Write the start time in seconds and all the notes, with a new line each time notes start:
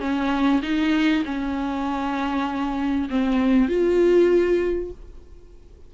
0.00 C#4
0.62 D#4
1.25 C#4
3.09 C4
3.68 F4